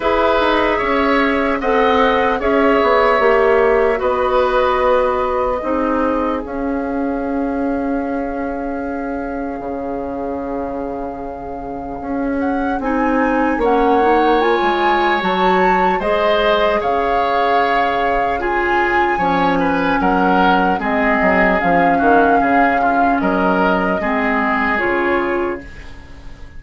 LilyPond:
<<
  \new Staff \with { instrumentName = "flute" } { \time 4/4 \tempo 4 = 75 e''2 fis''4 e''4~ | e''4 dis''2. | f''1~ | f''2.~ f''8 fis''8 |
gis''4 fis''4 gis''4 a''4 | dis''4 f''2 gis''4~ | gis''4 fis''4 dis''4 f''4~ | f''4 dis''2 cis''4 | }
  \new Staff \with { instrumentName = "oboe" } { \time 4/4 b'4 cis''4 dis''4 cis''4~ | cis''4 b'2 gis'4~ | gis'1~ | gis'1~ |
gis'4 cis''2. | c''4 cis''2 gis'4 | cis''8 b'8 ais'4 gis'4. fis'8 | gis'8 f'8 ais'4 gis'2 | }
  \new Staff \with { instrumentName = "clarinet" } { \time 4/4 gis'2 a'4 gis'4 | g'4 fis'2 dis'4 | cis'1~ | cis'1 |
dis'4 cis'8 dis'8 f'4 fis'4 | gis'2. f'4 | cis'2 c'4 cis'4~ | cis'2 c'4 f'4 | }
  \new Staff \with { instrumentName = "bassoon" } { \time 4/4 e'8 dis'8 cis'4 c'4 cis'8 b8 | ais4 b2 c'4 | cis'1 | cis2. cis'4 |
c'4 ais4~ ais16 gis8. fis4 | gis4 cis2. | f4 fis4 gis8 fis8 f8 dis8 | cis4 fis4 gis4 cis4 | }
>>